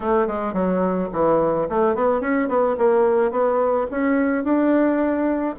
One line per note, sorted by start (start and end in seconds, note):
0.00 0.27 A3
0.27 0.53 G#3
0.53 1.08 F#3
1.12 1.67 E3
1.69 1.95 A3
1.95 2.20 B3
2.20 2.48 C#4
2.48 2.76 B3
2.77 3.31 A#3
3.31 3.86 B3
3.90 4.44 C#4
4.44 5.55 D4